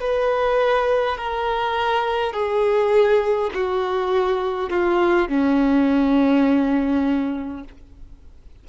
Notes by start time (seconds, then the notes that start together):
0.00 B4
1.18 A#4
2.33 G#4
3.54 F#4
4.70 F4
5.28 C#4